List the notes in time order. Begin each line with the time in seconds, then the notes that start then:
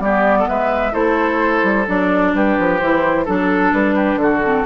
0.00 G3 B3 G4 D5
0.40 A4
0.49 G#3 B4 E5
0.92 A3 E4 A4 C5
1.64 G3
1.88 F#3 D4 D5
2.34 G3 G4 B4
2.59 F3
2.79 E3 E4 C5
3.25 F#3 D4 A4
3.73 G3 B4
3.95 G4
4.16 D3 A4
4.22 F#4
4.44 C4